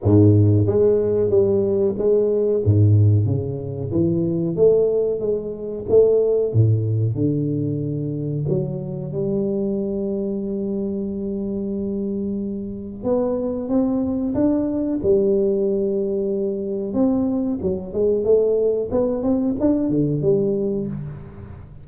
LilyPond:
\new Staff \with { instrumentName = "tuba" } { \time 4/4 \tempo 4 = 92 gis,4 gis4 g4 gis4 | gis,4 cis4 e4 a4 | gis4 a4 a,4 d4~ | d4 fis4 g2~ |
g1 | b4 c'4 d'4 g4~ | g2 c'4 fis8 gis8 | a4 b8 c'8 d'8 d8 g4 | }